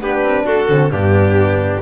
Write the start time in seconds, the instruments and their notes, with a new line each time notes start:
0.00 double bass B3, horn D4, trumpet G4, violin B4
0.23 double bass C4
0.45 double bass D4, trumpet F#4, violin A4
0.68 double bass D3, horn C4
0.91 double bass G2, horn B3, trumpet D4, violin G4